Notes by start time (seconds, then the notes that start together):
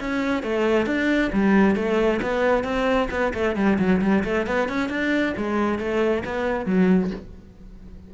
0.00 C#4
0.43 A3
0.86 D4
1.33 G3
1.75 A3
2.22 B3
2.64 C4
3.11 B3
3.34 A3
3.56 G3
3.78 F#3
4.02 G3
4.24 A3
4.47 B3
4.69 C#4
4.89 D4
5.37 G#3
5.79 A3
6.25 B3
6.66 F#3